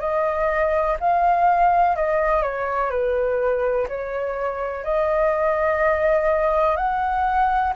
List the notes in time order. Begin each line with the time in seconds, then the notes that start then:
0.00 D#5
0.99 F5
1.96 D#5
2.42 C#5
2.90 B4
3.88 C#5
4.84 D#5
6.76 F#5